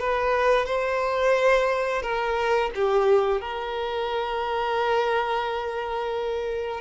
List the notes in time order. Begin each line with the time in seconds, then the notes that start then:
0.00 B4
0.66 C5
2.02 A#4
2.75 G4
3.41 A#4